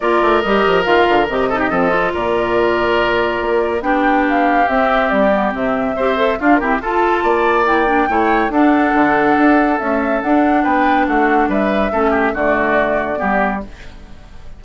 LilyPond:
<<
  \new Staff \with { instrumentName = "flute" } { \time 4/4 \tempo 4 = 141 d''4 dis''4 f''4 dis''4~ | dis''4 d''2.~ | d''4 g''4 f''4 e''4 | d''4 e''2 f''8 ais'8 |
a''2 g''2 | fis''2. e''4 | fis''4 g''4 fis''4 e''4~ | e''4 d''2. | }
  \new Staff \with { instrumentName = "oboe" } { \time 4/4 ais'2.~ ais'8 a'16 g'16 | a'4 ais'2.~ | ais'4 g'2.~ | g'2 c''4 f'8 g'8 |
a'4 d''2 cis''4 | a'1~ | a'4 b'4 fis'4 b'4 | a'8 g'8 fis'2 g'4 | }
  \new Staff \with { instrumentName = "clarinet" } { \time 4/4 f'4 g'4 f'4 g'8 dis'8 | c'8 f'2.~ f'8~ | f'4 d'2 c'4~ | c'8 b8 c'4 g'8 a'8 d'8 c'8 |
f'2 e'8 d'8 e'4 | d'2. a4 | d'1 | cis'4 a2 b4 | }
  \new Staff \with { instrumentName = "bassoon" } { \time 4/4 ais8 a8 g8 f8 dis8 d8 c4 | f4 ais,2. | ais4 b2 c'4 | g4 c4 c'4 d'8 e'8 |
f'4 ais2 a4 | d'4 d4 d'4 cis'4 | d'4 b4 a4 g4 | a4 d2 g4 | }
>>